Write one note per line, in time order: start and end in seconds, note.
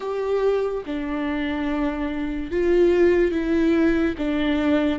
0.00 0.83 G4
0.86 2.51 D4
2.51 3.31 F4
3.31 4.14 E4
4.17 4.98 D4